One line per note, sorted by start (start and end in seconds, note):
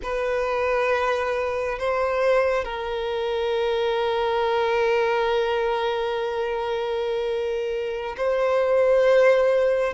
0.02 1.78 B4
1.78 2.64 C5
2.64 8.15 A#4
8.17 9.93 C5